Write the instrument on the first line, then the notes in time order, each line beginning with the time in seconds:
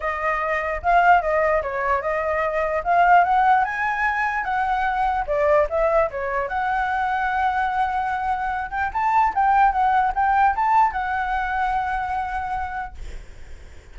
flute
0.00 D#5
0.82 F5
1.21 D#5
1.62 C#5
2.01 D#5
2.84 F5
3.24 F#5
3.64 G#5
4.44 F#5
5.26 D5
5.69 E5
6.10 C#5
6.48 F#5
8.70 G5
8.93 A5
9.34 G5
9.71 F#5
10.14 G5
10.55 A5
10.92 F#5